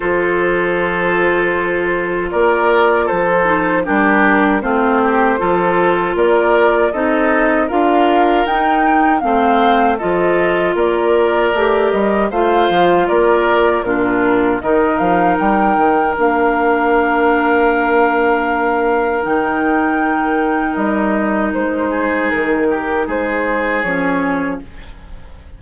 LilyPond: <<
  \new Staff \with { instrumentName = "flute" } { \time 4/4 \tempo 4 = 78 c''2. d''4 | c''4 ais'4 c''2 | d''4 dis''4 f''4 g''4 | f''4 dis''4 d''4. dis''8 |
f''4 d''4 ais'4 dis''8 f''8 | g''4 f''2.~ | f''4 g''2 dis''4 | c''4 ais'4 c''4 cis''4 | }
  \new Staff \with { instrumentName = "oboe" } { \time 4/4 a'2. ais'4 | a'4 g'4 f'8 g'8 a'4 | ais'4 a'4 ais'2 | c''4 a'4 ais'2 |
c''4 ais'4 f'4 ais'4~ | ais'1~ | ais'1~ | ais'8 gis'4 g'8 gis'2 | }
  \new Staff \with { instrumentName = "clarinet" } { \time 4/4 f'1~ | f'8 dis'8 d'4 c'4 f'4~ | f'4 dis'4 f'4 dis'4 | c'4 f'2 g'4 |
f'2 d'4 dis'4~ | dis'4 d'2.~ | d'4 dis'2.~ | dis'2. cis'4 | }
  \new Staff \with { instrumentName = "bassoon" } { \time 4/4 f2. ais4 | f4 g4 a4 f4 | ais4 c'4 d'4 dis'4 | a4 f4 ais4 a8 g8 |
a8 f8 ais4 ais,4 dis8 f8 | g8 dis8 ais2.~ | ais4 dis2 g4 | gis4 dis4 gis4 f4 | }
>>